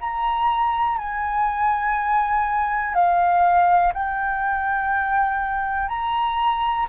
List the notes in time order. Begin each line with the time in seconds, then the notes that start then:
0.00 A#5
0.98 G#5
2.94 F5
3.93 G5
5.88 A#5